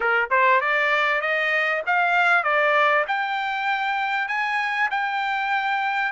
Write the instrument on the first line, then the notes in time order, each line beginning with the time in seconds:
trumpet
0.00 A#4
0.30 C5
0.60 D5
1.21 D#5
1.86 F5
2.43 D5
3.07 G5
4.28 G#5
4.90 G5